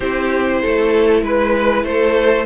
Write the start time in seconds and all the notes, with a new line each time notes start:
0.00 C4 E4 G4 C5
0.61 A3 A4
1.22 G#3 B4
1.83 A3 A4 C5